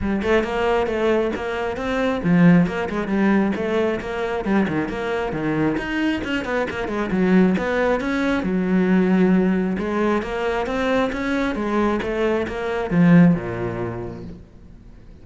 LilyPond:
\new Staff \with { instrumentName = "cello" } { \time 4/4 \tempo 4 = 135 g8 a8 ais4 a4 ais4 | c'4 f4 ais8 gis8 g4 | a4 ais4 g8 dis8 ais4 | dis4 dis'4 cis'8 b8 ais8 gis8 |
fis4 b4 cis'4 fis4~ | fis2 gis4 ais4 | c'4 cis'4 gis4 a4 | ais4 f4 ais,2 | }